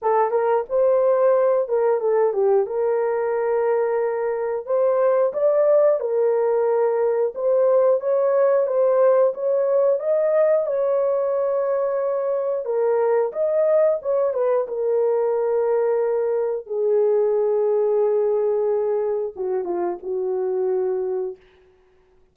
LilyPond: \new Staff \with { instrumentName = "horn" } { \time 4/4 \tempo 4 = 90 a'8 ais'8 c''4. ais'8 a'8 g'8 | ais'2. c''4 | d''4 ais'2 c''4 | cis''4 c''4 cis''4 dis''4 |
cis''2. ais'4 | dis''4 cis''8 b'8 ais'2~ | ais'4 gis'2.~ | gis'4 fis'8 f'8 fis'2 | }